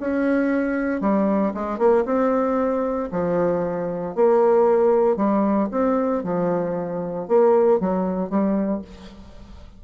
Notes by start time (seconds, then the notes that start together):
0.00 C#4
1.01 G3
1.54 G#3
1.78 A#3
2.05 C4
3.11 F3
4.15 A#3
5.16 G3
5.71 C4
6.24 F3
7.28 A#3
7.80 F#3
8.30 G3